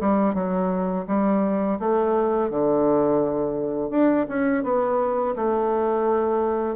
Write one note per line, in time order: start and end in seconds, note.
0.00 0.34 G3
0.34 1.05 F#3
1.07 1.79 G3
1.79 2.50 A3
2.50 3.90 D3
3.90 4.26 D4
4.28 4.63 C#4
4.63 5.34 B3
5.35 6.75 A3